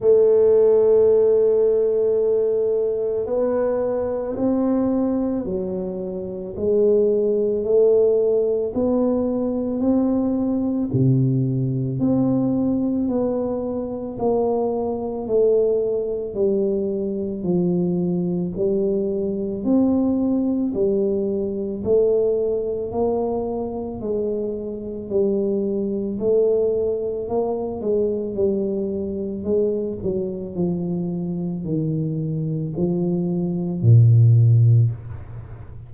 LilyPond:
\new Staff \with { instrumentName = "tuba" } { \time 4/4 \tempo 4 = 55 a2. b4 | c'4 fis4 gis4 a4 | b4 c'4 c4 c'4 | b4 ais4 a4 g4 |
f4 g4 c'4 g4 | a4 ais4 gis4 g4 | a4 ais8 gis8 g4 gis8 fis8 | f4 dis4 f4 ais,4 | }